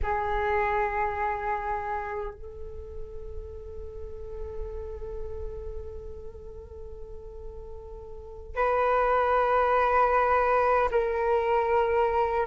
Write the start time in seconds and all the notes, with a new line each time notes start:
0.02 G#4
2.33 A4
8.55 B4
10.91 A#4